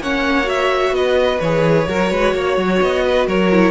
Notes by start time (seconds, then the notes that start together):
0.00 A#3 C#4 C#5 F#5
0.44 F#4 E5
0.91 B3 B4 D#5
1.40 E3 G#4 C#5
1.88 F#3 F#4 A#4
2.11 G#3 B4
2.34 A#3 C#5
2.57 F#3
2.81 B3 D#5
3.05 B4
3.27 F#3 A#4 C#5
3.52 E4